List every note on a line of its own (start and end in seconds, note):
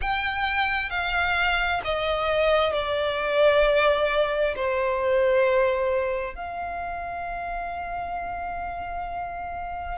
0.01 0.90 G5
0.90 1.81 F5
1.84 2.73 D#5
2.73 4.55 D5
4.55 6.35 C5
6.35 9.98 F5